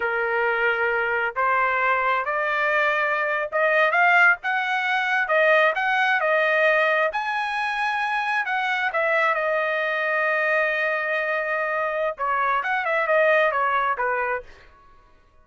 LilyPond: \new Staff \with { instrumentName = "trumpet" } { \time 4/4 \tempo 4 = 133 ais'2. c''4~ | c''4 d''2~ d''8. dis''16~ | dis''8. f''4 fis''2 dis''16~ | dis''8. fis''4 dis''2 gis''16~ |
gis''2~ gis''8. fis''4 e''16~ | e''8. dis''2.~ dis''16~ | dis''2. cis''4 | fis''8 e''8 dis''4 cis''4 b'4 | }